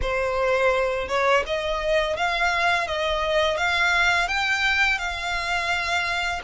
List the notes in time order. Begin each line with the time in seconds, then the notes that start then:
0.01 C5
1.07 C#5
1.46 D#5
2.16 F5
2.87 D#5
3.57 F5
4.28 G5
4.98 F5